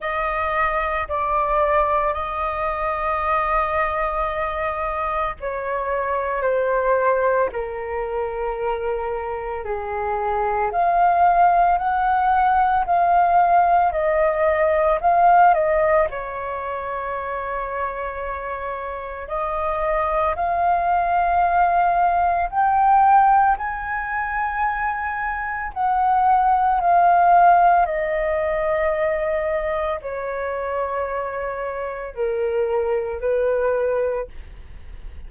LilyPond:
\new Staff \with { instrumentName = "flute" } { \time 4/4 \tempo 4 = 56 dis''4 d''4 dis''2~ | dis''4 cis''4 c''4 ais'4~ | ais'4 gis'4 f''4 fis''4 | f''4 dis''4 f''8 dis''8 cis''4~ |
cis''2 dis''4 f''4~ | f''4 g''4 gis''2 | fis''4 f''4 dis''2 | cis''2 ais'4 b'4 | }